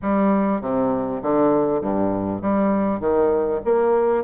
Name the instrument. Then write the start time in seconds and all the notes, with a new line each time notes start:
bassoon
0.02 G3
0.61 C3
1.22 D3
1.81 G2
2.41 G3
3.00 D#3
3.64 A#3